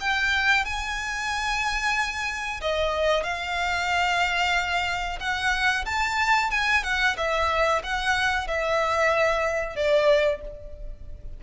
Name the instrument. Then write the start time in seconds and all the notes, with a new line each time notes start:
violin
0.00 G5
0.65 G#5
2.61 D#5
3.23 F5
5.20 F#5
5.85 A5
6.50 G#5
6.83 F#5
7.17 E5
7.83 F#5
8.47 E5
9.75 D5